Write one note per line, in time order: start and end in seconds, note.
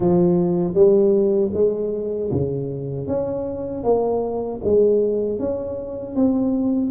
0.00 0.74 F3
0.74 1.51 G3
1.53 2.30 G#3
2.31 3.07 C#3
3.07 3.83 C#4
3.83 4.60 A#3
4.64 5.39 G#3
5.39 6.15 C#4
6.15 6.90 C4